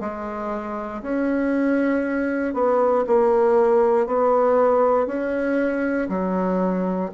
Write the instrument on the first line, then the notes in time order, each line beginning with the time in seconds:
bassoon
0.00 G#3
1.02 C#4
2.54 B3
3.06 A#3
4.06 B3
5.06 C#4
6.09 F#3